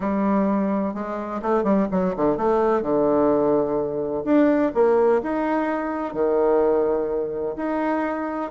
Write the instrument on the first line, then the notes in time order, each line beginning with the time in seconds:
bassoon
0.00 G3
0.94 G#3
1.42 A3
1.63 G3
1.91 F#3
2.16 D3
2.37 A3
2.82 D3
4.24 D4
4.74 A#3
5.22 D#4
6.13 D#3
7.56 D#4